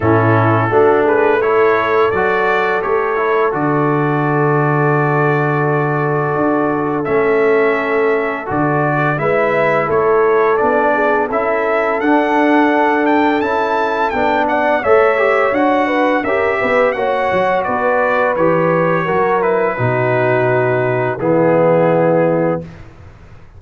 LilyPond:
<<
  \new Staff \with { instrumentName = "trumpet" } { \time 4/4 \tempo 4 = 85 a'4. b'8 cis''4 d''4 | cis''4 d''2.~ | d''2 e''2 | d''4 e''4 cis''4 d''4 |
e''4 fis''4. g''8 a''4 | g''8 fis''8 e''4 fis''4 e''4 | fis''4 d''4 cis''4. b'8~ | b'2 gis'2 | }
  \new Staff \with { instrumentName = "horn" } { \time 4/4 e'4 fis'8 gis'8 a'2~ | a'1~ | a'1~ | a'4 b'4 a'4. gis'8 |
a'1~ | a'8 d''8 cis''4. b'8 ais'8 b'8 | cis''4 b'2 ais'4 | fis'2 e'2 | }
  \new Staff \with { instrumentName = "trombone" } { \time 4/4 cis'4 d'4 e'4 fis'4 | g'8 e'8 fis'2.~ | fis'2 cis'2 | fis'4 e'2 d'4 |
e'4 d'2 e'4 | d'4 a'8 g'8 fis'4 g'4 | fis'2 g'4 fis'8 e'8 | dis'2 b2 | }
  \new Staff \with { instrumentName = "tuba" } { \time 4/4 a,4 a2 fis4 | a4 d2.~ | d4 d'4 a2 | d4 gis4 a4 b4 |
cis'4 d'2 cis'4 | b4 a4 d'4 cis'8 b8 | ais8 fis8 b4 e4 fis4 | b,2 e2 | }
>>